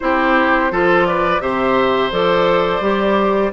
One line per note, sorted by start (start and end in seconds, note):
0.00 0.71 C4
0.00 0.71 E4
0.00 0.72 G4
0.00 1.05 C5
0.71 1.40 F3
0.71 1.40 F4
0.71 1.07 A4
1.05 1.42 B4
1.05 1.40 D5
1.40 2.11 C3
1.40 2.10 G4
1.40 3.52 C5
1.40 2.11 E5
2.11 2.80 F3
2.11 2.81 A4
2.11 3.52 D5
2.80 3.50 G3
2.80 3.52 G4